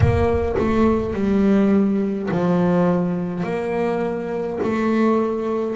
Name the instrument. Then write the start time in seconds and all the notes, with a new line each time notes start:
double bass
0.00 A#3
0.58 A3
1.13 G3
2.31 F3
3.43 A#3
4.62 A3